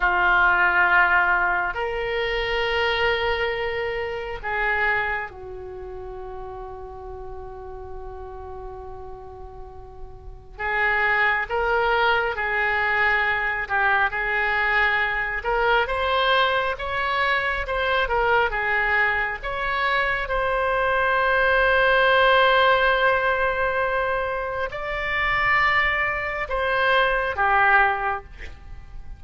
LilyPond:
\new Staff \with { instrumentName = "oboe" } { \time 4/4 \tempo 4 = 68 f'2 ais'2~ | ais'4 gis'4 fis'2~ | fis'1 | gis'4 ais'4 gis'4. g'8 |
gis'4. ais'8 c''4 cis''4 | c''8 ais'8 gis'4 cis''4 c''4~ | c''1 | d''2 c''4 g'4 | }